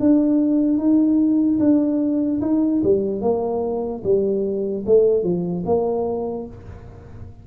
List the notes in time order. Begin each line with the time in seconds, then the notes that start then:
0.00 D4
0.77 D#4
1.59 D4
2.41 D#4
2.83 G3
3.21 A#3
4.03 G3
4.86 A3
5.23 F3
5.66 A#3